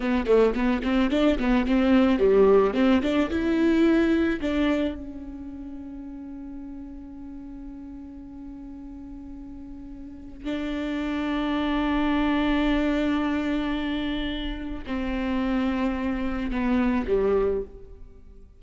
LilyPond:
\new Staff \with { instrumentName = "viola" } { \time 4/4 \tempo 4 = 109 b8 a8 b8 c'8 d'8 b8 c'4 | g4 c'8 d'8 e'2 | d'4 cis'2.~ | cis'1~ |
cis'2. d'4~ | d'1~ | d'2. c'4~ | c'2 b4 g4 | }